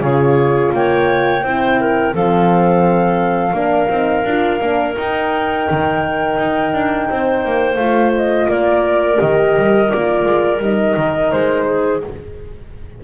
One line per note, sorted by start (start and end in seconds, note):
0.00 0.71 C#3
0.00 1.42 F4
0.00 0.74 G#4
0.00 0.71 C#5
0.73 1.43 A#3
0.73 1.44 C#5
0.73 2.15 G5
1.43 2.14 C4
1.43 2.15 E4
1.43 1.80 C5
1.80 2.14 A#4
2.14 3.53 F3
2.14 3.53 C4
2.14 3.55 A4
2.14 4.95 F5
3.53 3.88 A#3
3.53 3.88 D4
3.53 7.09 A#4
3.88 4.24 C4
3.88 4.24 D#4
4.24 4.60 D4
4.24 4.60 F4
4.60 4.96 A#3
4.60 4.95 D4
4.95 7.78 D#4
4.95 5.68 D#4
4.95 7.75 G5
5.70 6.38 D#3
6.38 6.73 D#4
6.73 7.08 D4
7.09 7.45 C4
7.09 8.48 C5
7.45 7.76 A#3
7.75 8.46 A3
7.75 9.17 F4
7.75 8.11 F5
8.16 8.50 D#5
8.47 9.18 A#3
8.47 11.65 A#4
8.47 9.20 D5
9.17 9.56 D#3
9.17 9.88 G4
9.17 9.90 D#5
9.56 9.91 G3
9.88 10.25 A#3
9.88 10.59 F4
9.88 10.61 D5
10.25 10.59 G#3
10.59 10.94 G3
10.59 12.04 D#4
10.59 11.31 D#5
10.96 11.31 D#3
11.31 12.03 G#3
11.31 12.02 C5
11.65 12.01 G#4